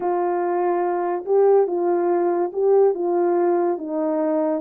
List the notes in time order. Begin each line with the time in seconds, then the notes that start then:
0.00 F4
1.25 G4
1.67 F4
2.52 G4
2.94 F4
3.78 D#4